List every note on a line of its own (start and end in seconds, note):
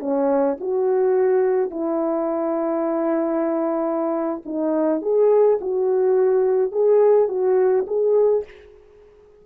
0.00 0.57 C#4
0.60 1.71 F#4
1.71 4.42 E4
4.45 5.02 D#4
5.02 5.59 G#4
5.61 6.72 F#4
6.72 7.28 G#4
7.28 7.85 F#4
7.87 8.44 G#4